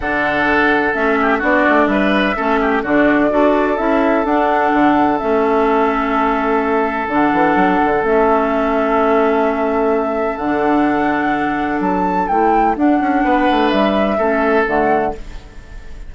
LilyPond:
<<
  \new Staff \with { instrumentName = "flute" } { \time 4/4 \tempo 4 = 127 fis''2 e''4 d''4 | e''2 d''2 | e''4 fis''2 e''4~ | e''2. fis''4~ |
fis''4 e''2.~ | e''2 fis''2~ | fis''4 a''4 g''4 fis''4~ | fis''4 e''2 fis''4 | }
  \new Staff \with { instrumentName = "oboe" } { \time 4/4 a'2~ a'8 g'8 fis'4 | b'4 a'8 g'8 fis'4 a'4~ | a'1~ | a'1~ |
a'1~ | a'1~ | a'1 | b'2 a'2 | }
  \new Staff \with { instrumentName = "clarinet" } { \time 4/4 d'2 cis'4 d'4~ | d'4 cis'4 d'4 fis'4 | e'4 d'2 cis'4~ | cis'2. d'4~ |
d'4 cis'2.~ | cis'2 d'2~ | d'2 e'4 d'4~ | d'2 cis'4 a4 | }
  \new Staff \with { instrumentName = "bassoon" } { \time 4/4 d2 a4 b8 a8 | g4 a4 d4 d'4 | cis'4 d'4 d4 a4~ | a2. d8 e8 |
fis8 d8 a2.~ | a2 d2~ | d4 fis4 a4 d'8 cis'8 | b8 a8 g4 a4 d4 | }
>>